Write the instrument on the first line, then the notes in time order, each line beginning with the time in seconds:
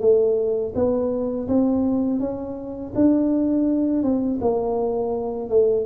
tuba
0.00 A3
0.75 B3
1.48 C4
2.20 C#4
2.95 D4
4.03 C4
4.41 A#3
5.49 A3